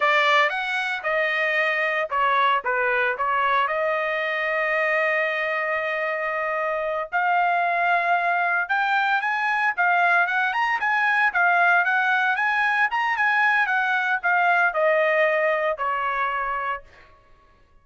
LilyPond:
\new Staff \with { instrumentName = "trumpet" } { \time 4/4 \tempo 4 = 114 d''4 fis''4 dis''2 | cis''4 b'4 cis''4 dis''4~ | dis''1~ | dis''4. f''2~ f''8~ |
f''8 g''4 gis''4 f''4 fis''8 | ais''8 gis''4 f''4 fis''4 gis''8~ | gis''8 ais''8 gis''4 fis''4 f''4 | dis''2 cis''2 | }